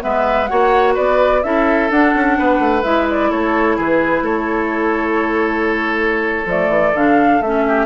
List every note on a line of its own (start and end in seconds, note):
0.00 0.51 G#3
0.00 0.47 B3
0.00 0.50 B4
0.00 0.46 E5
0.46 0.97 A#3
0.46 1.42 F#4
0.46 0.94 C#5
0.46 0.93 F#5
0.94 1.44 B3
0.94 1.41 B4
0.94 1.43 D5
1.43 1.90 C#4
1.43 1.90 E4
1.43 2.38 A4
1.43 1.90 E5
1.90 2.13 D4
1.90 2.83 D4
1.90 2.83 F#5
2.15 2.38 C#4
2.38 2.59 B3
2.38 3.30 B4
2.59 2.83 A3
2.83 3.31 G#3
2.83 6.47 E4
2.83 3.07 E5
3.10 3.31 D5
3.30 3.78 A3
3.30 3.76 A4
3.30 3.78 C#5
3.76 4.22 E3
3.76 4.23 G#4
3.76 4.25 B4
4.22 6.45 A3
4.22 7.63 A4
4.22 6.47 C#5
6.45 6.68 F3
6.45 6.94 A3
6.45 6.96 D5
6.68 6.92 E3
6.94 7.40 D3
6.94 7.43 D4
6.94 7.42 F5
7.40 7.86 A3
7.40 7.86 C#4
7.40 7.86 E5
7.68 7.86 G4